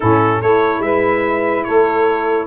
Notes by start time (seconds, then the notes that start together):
0.00 A2 C#4 E4 A4
0.41 A3 E4 A4 C#5
0.79 G#3 B4 E5
1.64 A3 A4 C#5